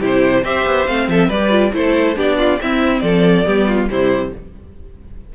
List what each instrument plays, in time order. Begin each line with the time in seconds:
0.00 cello C3, viola E4, violin G4 C5
0.44 cello C4, viola G4, violin C5 E5
0.66 cello B3
0.88 cello A3, viola C4, violin F5
1.08 cello F3, violin A4 E5
1.28 cello G3, viola G4, violin B4 D5
1.51 viola F4
1.73 cello A3, viola E4, violin A4 C5
2.16 cello B3, viola D4, violin G4 D5
2.38 violin F4
2.61 cello C4, viola C4, violin E4 E5
3.00 cello F3, violin A4 D5
3.46 cello G3, viola B3, violin G4
3.68 violin F4
3.89 cello C3, viola G3, violin E4 C5